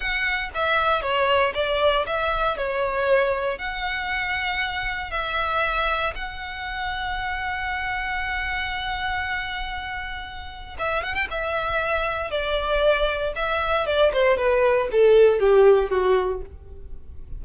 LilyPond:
\new Staff \with { instrumentName = "violin" } { \time 4/4 \tempo 4 = 117 fis''4 e''4 cis''4 d''4 | e''4 cis''2 fis''4~ | fis''2 e''2 | fis''1~ |
fis''1~ | fis''4 e''8 fis''16 g''16 e''2 | d''2 e''4 d''8 c''8 | b'4 a'4 g'4 fis'4 | }